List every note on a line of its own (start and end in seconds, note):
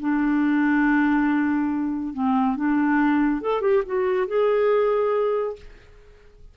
0.00 2.14 D4
2.14 2.56 C4
2.56 3.41 D4
3.41 3.61 A4
3.61 3.83 G4
3.86 4.27 F#4
4.27 5.56 G#4